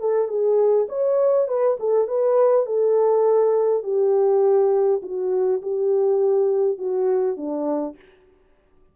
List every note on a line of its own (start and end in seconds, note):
0.00 0.28 A4
0.28 0.87 G#4
0.89 1.48 C#5
1.48 1.77 B4
1.80 2.07 A4
2.07 2.66 B4
2.66 3.83 A4
3.83 5.01 G4
5.02 5.61 F#4
5.62 6.78 G4
6.78 7.37 F#4
7.37 7.95 D4